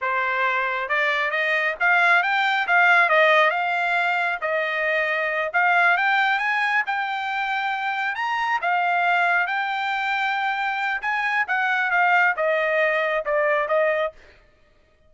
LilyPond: \new Staff \with { instrumentName = "trumpet" } { \time 4/4 \tempo 4 = 136 c''2 d''4 dis''4 | f''4 g''4 f''4 dis''4 | f''2 dis''2~ | dis''8 f''4 g''4 gis''4 g''8~ |
g''2~ g''8 ais''4 f''8~ | f''4. g''2~ g''8~ | g''4 gis''4 fis''4 f''4 | dis''2 d''4 dis''4 | }